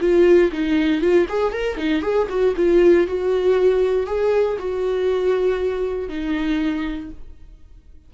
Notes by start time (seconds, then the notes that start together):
0.00 F4
0.52 D#4
1.01 F4
1.29 G#4
1.53 A#4
1.77 D#4
2.02 G#4
2.29 F#4
2.56 F4
3.07 F#4
4.06 G#4
4.59 F#4
6.09 D#4